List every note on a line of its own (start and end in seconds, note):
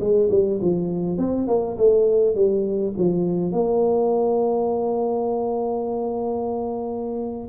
0.00 0.29 G#3
0.30 0.60 G3
0.61 1.18 F3
1.18 1.47 C4
1.47 1.77 A#3
1.77 2.35 A3
2.35 2.94 G3
2.97 3.52 F3
3.52 7.49 A#3